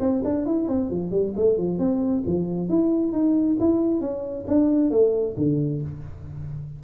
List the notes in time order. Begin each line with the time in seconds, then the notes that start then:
0.00 C4
0.25 D4
0.46 E4
0.68 C4
0.91 F3
1.11 G3
1.36 A3
1.58 F3
1.79 C4
2.27 F3
2.69 E4
3.13 D#4
3.60 E4
4.01 C#4
4.48 D4
4.91 A3
5.38 D3